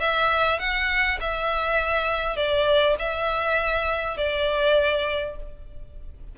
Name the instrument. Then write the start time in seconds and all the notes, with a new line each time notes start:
violin
0.00 E5
0.59 F#5
1.20 E5
2.37 D5
2.99 E5
4.17 D5